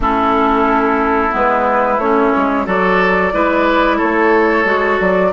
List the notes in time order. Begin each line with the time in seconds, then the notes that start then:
0.00 A3 C#4 E4 A4
1.31 G#3 B3 B4
1.98 A3 C#4 C#5
2.37 G#3
2.65 F#3 F#4 A4 D5
3.32 G#3 E4 B4
3.97 A3 A4 C#5
4.64 G#3 F#4
5.00 F#3 D5